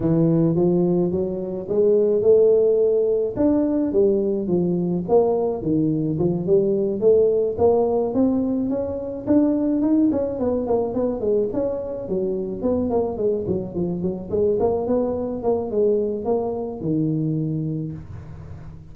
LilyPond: \new Staff \with { instrumentName = "tuba" } { \time 4/4 \tempo 4 = 107 e4 f4 fis4 gis4 | a2 d'4 g4 | f4 ais4 dis4 f8 g8~ | g8 a4 ais4 c'4 cis'8~ |
cis'8 d'4 dis'8 cis'8 b8 ais8 b8 | gis8 cis'4 fis4 b8 ais8 gis8 | fis8 f8 fis8 gis8 ais8 b4 ais8 | gis4 ais4 dis2 | }